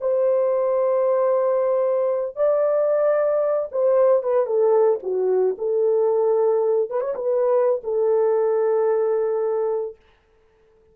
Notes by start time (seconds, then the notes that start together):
0.00 C5
2.36 D5
3.71 C5
4.22 B4
4.46 A4
5.02 F#4
5.58 A4
6.90 B4
7.00 C#5
7.15 B4
7.83 A4